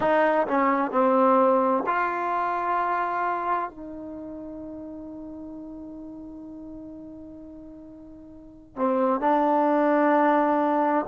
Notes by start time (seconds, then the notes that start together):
0.00 D#4
0.47 C#4
0.91 C4
1.86 F4
3.70 D#4
8.76 C4
9.20 D4